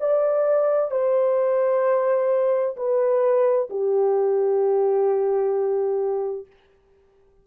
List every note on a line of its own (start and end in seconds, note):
0.00 0.91 D5
0.91 2.75 C5
2.76 3.68 B4
3.69 6.46 G4